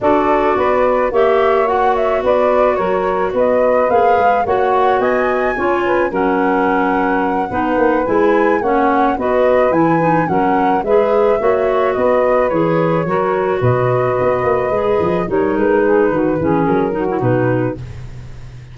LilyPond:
<<
  \new Staff \with { instrumentName = "flute" } { \time 4/4 \tempo 4 = 108 d''2 e''4 fis''8 e''8 | d''4 cis''4 dis''4 f''4 | fis''4 gis''2 fis''4~ | fis''2~ fis''8 gis''4 fis''8~ |
fis''8 dis''4 gis''4 fis''4 e''8~ | e''4. dis''4 cis''4.~ | cis''8 dis''2. cis''8 | b'2 ais'4 b'4 | }
  \new Staff \with { instrumentName = "saxophone" } { \time 4/4 a'4 b'4 cis''2 | b'4 ais'4 b'2 | cis''4 dis''4 cis''8 b'8 ais'4~ | ais'4. b'2 cis''8~ |
cis''8 b'2 ais'4 b'8~ | b'8 cis''4 b'2 ais'8~ | ais'8 b'2. ais'8~ | ais'8 gis'8 fis'8 gis'4 fis'4. | }
  \new Staff \with { instrumentName = "clarinet" } { \time 4/4 fis'2 g'4 fis'4~ | fis'2. gis'4 | fis'2 f'4 cis'4~ | cis'4. dis'4 e'4 cis'8~ |
cis'8 fis'4 e'8 dis'8 cis'4 gis'8~ | gis'8 fis'2 gis'4 fis'8~ | fis'2~ fis'8 gis'4 dis'8~ | dis'4. cis'4 dis'16 e'16 dis'4 | }
  \new Staff \with { instrumentName = "tuba" } { \time 4/4 d'4 b4 ais2 | b4 fis4 b4 ais8 gis8 | ais4 b4 cis'4 fis4~ | fis4. b8 ais8 gis4 ais8~ |
ais8 b4 e4 fis4 gis8~ | gis8 ais4 b4 e4 fis8~ | fis8 b,4 b8 ais8 gis8 f8 g8 | gis4 dis8 e8 fis4 b,4 | }
>>